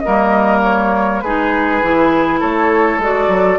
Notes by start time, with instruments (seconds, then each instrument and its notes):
0.00 clarinet A#3, oboe A#4, flute D#5
0.07 bassoon G3
0.64 flute C#5
1.21 bassoon G#3, clarinet D#4, oboe G#4, flute B4
1.82 bassoon E3, clarinet E4
2.40 bassoon A3, oboe A4, flute C#5
2.98 bassoon G#3, clarinet F#4, flute D5
3.28 bassoon F#3